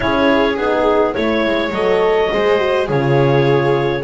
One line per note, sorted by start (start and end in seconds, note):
0.00 0.57 C#4
0.00 0.56 E4
0.00 1.16 G#4
0.00 0.56 C#5
0.56 1.15 B3
0.56 1.13 D#4
0.56 1.14 G#4
1.13 1.46 A3
1.13 1.71 E4
1.13 1.72 C#5
1.13 2.32 C#5
1.46 1.71 G#3
1.71 2.28 F#3
1.71 2.31 A4
1.71 2.88 D#5
2.31 2.88 G#3
2.31 2.57 G#4
2.31 2.86 C5
2.57 2.86 F#4
2.86 4.03 C#3
2.86 4.03 F4
2.86 4.01 G#4
2.86 4.03 C#5